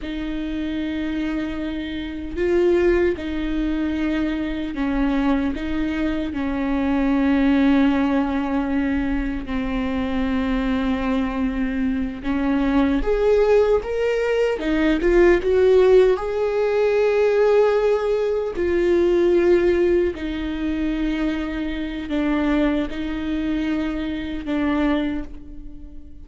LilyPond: \new Staff \with { instrumentName = "viola" } { \time 4/4 \tempo 4 = 76 dis'2. f'4 | dis'2 cis'4 dis'4 | cis'1 | c'2.~ c'8 cis'8~ |
cis'8 gis'4 ais'4 dis'8 f'8 fis'8~ | fis'8 gis'2. f'8~ | f'4. dis'2~ dis'8 | d'4 dis'2 d'4 | }